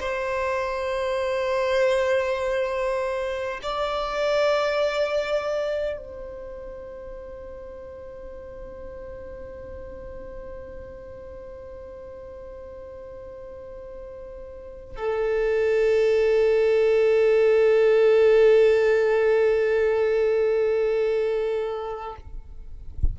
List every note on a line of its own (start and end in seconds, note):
0.00 3.60 C5
3.62 5.97 D5
5.97 14.96 C5
14.96 22.16 A4